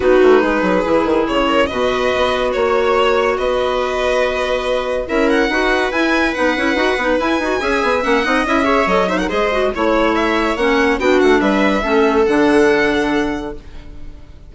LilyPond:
<<
  \new Staff \with { instrumentName = "violin" } { \time 4/4 \tempo 4 = 142 b'2. cis''4 | dis''2 cis''2 | dis''1 | e''8 fis''4. gis''4 fis''4~ |
fis''4 gis''2 fis''4 | e''4 dis''8 e''16 fis''16 dis''4 cis''4 | e''4 fis''4 g''8 fis''8 e''4~ | e''4 fis''2. | }
  \new Staff \with { instrumentName = "viola" } { \time 4/4 fis'4 gis'2~ gis'8 ais'8 | b'2 cis''2 | b'1 | ais'4 b'2.~ |
b'2 e''4. dis''8~ | dis''8 cis''4 c''16 ais'16 c''4 cis''4~ | cis''2 fis'4 b'4 | a'1 | }
  \new Staff \with { instrumentName = "clarinet" } { \time 4/4 dis'2 e'2 | fis'1~ | fis'1 | e'4 fis'4 e'4 dis'8 e'8 |
fis'8 dis'8 e'8 fis'8 gis'4 cis'8 dis'8 | e'8 gis'8 a'8 dis'8 gis'8 fis'8 e'4~ | e'4 cis'4 d'2 | cis'4 d'2. | }
  \new Staff \with { instrumentName = "bassoon" } { \time 4/4 b8 a8 gis8 fis8 e8 dis8 cis4 | b,4 b4 ais2 | b1 | cis'4 dis'4 e'4 b8 cis'8 |
dis'8 b8 e'8 dis'8 cis'8 b8 ais8 c'8 | cis'4 fis4 gis4 a4~ | a4 ais4 b8 a8 g4 | a4 d2. | }
>>